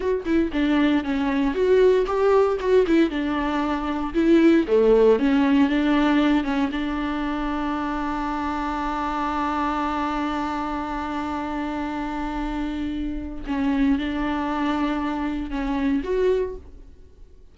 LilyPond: \new Staff \with { instrumentName = "viola" } { \time 4/4 \tempo 4 = 116 fis'8 e'8 d'4 cis'4 fis'4 | g'4 fis'8 e'8 d'2 | e'4 a4 cis'4 d'4~ | d'8 cis'8 d'2.~ |
d'1~ | d'1~ | d'2 cis'4 d'4~ | d'2 cis'4 fis'4 | }